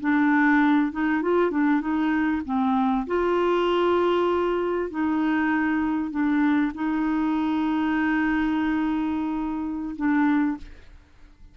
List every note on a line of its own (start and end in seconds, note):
0.00 0.92 D4
0.92 1.22 D#4
1.22 1.50 F4
1.50 1.81 D4
1.81 2.42 D#4
2.45 3.06 C4
3.07 4.90 F4
4.90 6.11 D#4
6.11 6.72 D4
6.74 9.95 D#4
9.95 10.57 D4